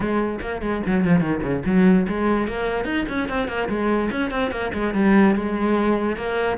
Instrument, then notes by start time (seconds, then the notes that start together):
cello
0.00 G#3
0.41 A#3
0.61 G#3
0.86 F#3
1.04 F3
1.20 D#3
1.42 C#3
1.65 F#3
2.08 G#3
2.47 A#3
2.84 D#4
3.08 C#4
3.28 C4
3.48 A#3
3.68 G#3
4.11 C#4
4.31 C4
4.51 A#3
4.73 G#3
4.94 G3
5.35 G#3
6.16 A#3